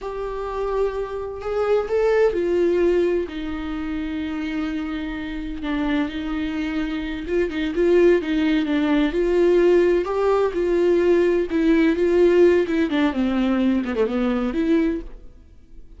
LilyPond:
\new Staff \with { instrumentName = "viola" } { \time 4/4 \tempo 4 = 128 g'2. gis'4 | a'4 f'2 dis'4~ | dis'1 | d'4 dis'2~ dis'8 f'8 |
dis'8 f'4 dis'4 d'4 f'8~ | f'4. g'4 f'4.~ | f'8 e'4 f'4. e'8 d'8 | c'4. b16 a16 b4 e'4 | }